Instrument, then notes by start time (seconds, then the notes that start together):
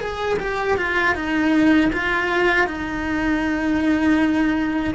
cello
0.00 G#4
0.39 G4
0.77 F4
1.15 D#4
1.93 F4
2.67 D#4